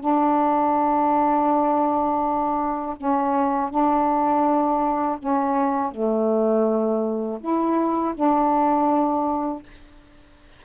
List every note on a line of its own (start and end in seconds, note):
0.00 2.96 D4
2.97 3.70 C#4
3.70 5.18 D4
5.19 5.91 C#4
5.91 7.39 A3
7.40 8.14 E4
8.15 9.63 D4